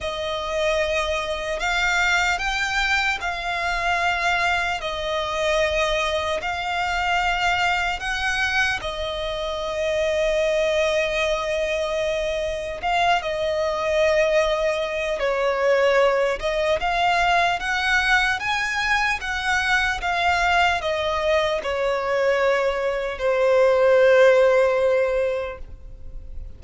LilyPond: \new Staff \with { instrumentName = "violin" } { \time 4/4 \tempo 4 = 75 dis''2 f''4 g''4 | f''2 dis''2 | f''2 fis''4 dis''4~ | dis''1 |
f''8 dis''2~ dis''8 cis''4~ | cis''8 dis''8 f''4 fis''4 gis''4 | fis''4 f''4 dis''4 cis''4~ | cis''4 c''2. | }